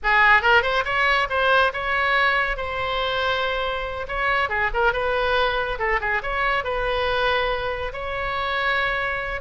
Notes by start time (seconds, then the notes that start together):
0.03 G#4
0.41 A#4
0.62 C5
0.85 C#5
1.29 C5
1.73 C#5
2.56 C5
4.08 C#5
4.49 G#4
4.73 A#4
4.92 B4
5.78 A4
6.00 G#4
6.22 C#5
6.64 B4
7.92 C#5